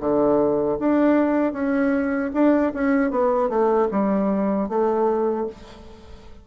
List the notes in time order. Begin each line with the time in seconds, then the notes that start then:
0.00 D3
0.79 D4
1.53 C#4
2.33 D4
2.74 C#4
3.11 B3
3.49 A3
3.91 G3
4.69 A3